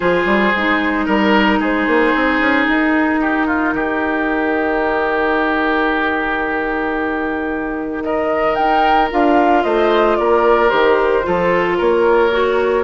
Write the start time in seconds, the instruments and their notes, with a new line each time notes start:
0.00 bassoon F3, clarinet F4, oboe G#4, flute C5
0.25 bassoon G3
0.55 bassoon G#3, clarinet D#4
1.05 bassoon G3, oboe A#4, flute A#4
1.59 bassoon G#3, oboe G#4, flute C5
1.86 bassoon A#3
2.15 bassoon C4
2.40 bassoon C#4
2.65 bassoon D#4, flute A#4
3.21 oboe G4
3.46 oboe F4
3.73 bassoon D#3, oboe G4
8.02 oboe A#4, flute D#5
8.55 bassoon D#4, flute G5
9.11 bassoon D4, clarinet F4, flute F5
9.63 bassoon A3, oboe C5, flute D#5
10.16 bassoon A#3, oboe A#4, flute D5
10.69 bassoon D#3, clarinet G4, flute C5
11.23 bassoon F3, clarinet F4, oboe A4
11.77 bassoon A#3, oboe A#4, flute C#5
12.31 clarinet F#4